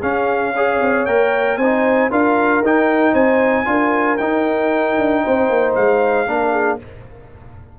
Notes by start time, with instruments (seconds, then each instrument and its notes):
0.00 tuba C#4, trombone C#4, horn G#4, trumpet F5
0.55 trombone G#4, horn C#5
0.81 tuba C4
1.06 tuba A#3, trombone A#4, trumpet G5
1.58 tuba C4, trombone D#4, horn C5, trumpet G#5
2.10 tuba D4, trombone F4, horn A#4, trumpet F5
2.61 tuba D#4, trombone D#4, trumpet G5
3.14 tuba C4, horn C5, trumpet G#5
3.66 tuba D4, trombone F4, horn A#4
4.17 tuba D#4, trombone D#4, trumpet G5
4.98 tuba D4
5.24 tuba C4, horn C5
5.50 tuba A#3
5.75 tuba G#3, trumpet F5
6.27 tuba A#3, trombone D4, horn A#4
6.52 horn G#4